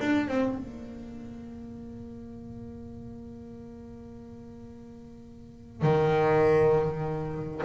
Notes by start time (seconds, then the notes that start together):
0.00 D4
0.28 C4
0.58 A#3
5.82 D#3